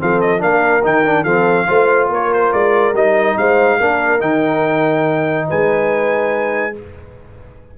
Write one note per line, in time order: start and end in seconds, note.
0.00 0.43 F3
0.00 0.39 C4
0.00 0.42 A4
0.00 0.21 F5
0.21 0.42 D#5
0.39 0.85 A#3
0.39 0.81 D4
0.39 1.24 A#4
0.39 0.85 F5
0.83 1.25 D#3
0.83 1.05 D#4
0.83 1.24 G5
1.05 1.26 D4
1.24 1.67 F3
1.24 1.68 C4
1.24 1.67 A4
1.24 2.09 F5
1.68 2.10 A3
1.68 2.94 F4
1.68 2.11 C5
2.10 2.52 A#3
2.10 3.38 A#4
2.10 2.33 C#5
2.33 2.53 C5
2.53 2.94 G#3
2.53 2.95 D5
2.94 3.36 G3
2.94 3.81 D#4
2.94 3.38 D#5
3.38 3.80 G#3
3.38 3.79 C5
3.38 4.21 F5
3.79 4.21 A#3
3.79 4.20 D4
3.79 5.48 A#4
4.20 5.48 D#3
4.20 6.73 D#4
4.20 5.48 G5
5.48 6.78 G#3
5.48 6.75 B4
5.48 6.77 G#5